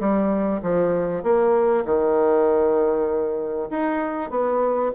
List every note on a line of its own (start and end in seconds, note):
0.00 0.61 G3
0.63 1.24 F3
1.24 1.85 A#3
1.85 3.69 D#3
3.70 4.31 D#4
4.31 4.92 B3